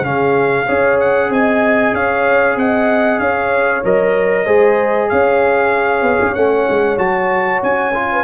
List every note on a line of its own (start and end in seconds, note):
0.00 0.63 C#3
0.00 0.66 C#4
0.00 0.65 G#4
0.00 0.99 F5
0.65 1.29 C#4
0.65 3.82 G#4
0.65 1.28 C#5
0.99 1.31 F#5
1.29 1.92 C4
1.29 1.95 D#5
1.29 1.94 G#5
1.92 2.56 C#4
1.92 2.58 C#5
1.92 2.57 F5
2.56 3.18 C4
2.56 3.20 D#5
2.56 3.19 F#5
3.18 3.82 C#4
3.18 4.44 C#5
3.18 3.82 F5
3.83 4.46 F#3
3.83 4.46 A#4
3.83 5.09 D#5
4.44 5.09 G#3
4.44 6.35 G#4
4.44 5.07 C5
5.09 6.02 C#4
5.09 8.09 C#5
5.09 6.34 F5
6.02 6.18 B3
6.21 6.36 C#4
6.34 6.67 A3
6.34 6.97 C#4
6.34 6.97 F#5
6.69 6.98 G#3
6.97 7.61 F#3
6.97 7.92 F#4
6.97 7.61 A5
7.62 8.24 C#4
7.62 8.24 G#5
7.94 8.24 F4
8.11 8.24 B4